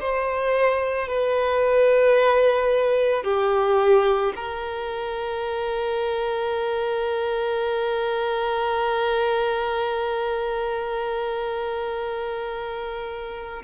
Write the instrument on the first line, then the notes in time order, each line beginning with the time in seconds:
violin
0.00 C5
1.08 B4
3.24 G4
4.36 A#4